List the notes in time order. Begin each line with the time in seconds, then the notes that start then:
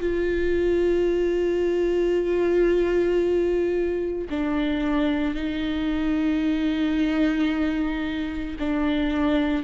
0.00 F4
4.30 D4
5.35 D#4
8.60 D4